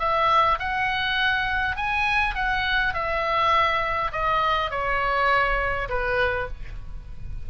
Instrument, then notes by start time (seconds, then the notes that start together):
oboe
0.00 E5
0.59 F#5
1.77 G#5
2.35 F#5
2.94 E5
4.13 D#5
4.71 C#5
5.89 B4